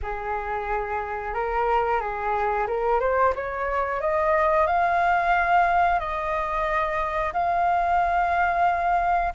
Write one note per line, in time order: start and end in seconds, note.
0.02 1.34 G#4
1.34 2.00 A#4
2.00 2.67 G#4
2.67 3.00 A#4
3.00 3.33 C5
3.35 4.01 C#5
4.01 4.67 D#5
4.67 5.99 F5
5.99 7.32 D#5
7.33 9.33 F5